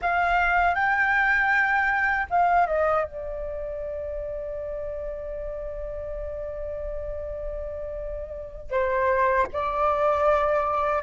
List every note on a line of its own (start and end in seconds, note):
0.01 0.74 F5
0.74 2.26 G5
2.30 2.66 F5
2.66 3.04 D#5
3.04 8.70 D5
8.70 9.46 C5
9.52 11.02 D5